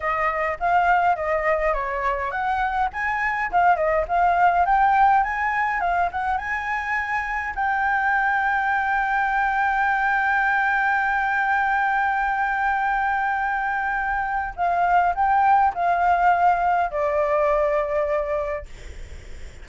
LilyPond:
\new Staff \with { instrumentName = "flute" } { \time 4/4 \tempo 4 = 103 dis''4 f''4 dis''4 cis''4 | fis''4 gis''4 f''8 dis''8 f''4 | g''4 gis''4 f''8 fis''8 gis''4~ | gis''4 g''2.~ |
g''1~ | g''1~ | g''4 f''4 g''4 f''4~ | f''4 d''2. | }